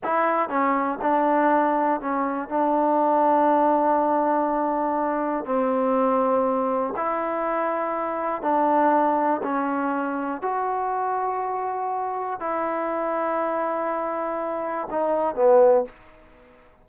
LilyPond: \new Staff \with { instrumentName = "trombone" } { \time 4/4 \tempo 4 = 121 e'4 cis'4 d'2 | cis'4 d'2.~ | d'2. c'4~ | c'2 e'2~ |
e'4 d'2 cis'4~ | cis'4 fis'2.~ | fis'4 e'2.~ | e'2 dis'4 b4 | }